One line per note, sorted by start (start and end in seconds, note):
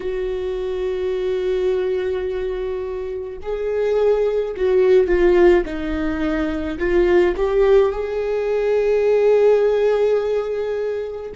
0.00 3.37 F#4
3.42 4.55 G#4
4.56 5.07 F#4
5.07 5.63 F4
5.64 6.78 D#4
6.78 7.35 F4
7.36 7.92 G4
7.92 11.32 G#4